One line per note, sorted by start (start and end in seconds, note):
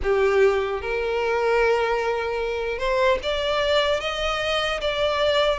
0.03 0.81 G4
0.81 2.78 A#4
2.78 3.18 C5
3.22 4.00 D5
4.00 4.80 D#5
4.80 5.59 D5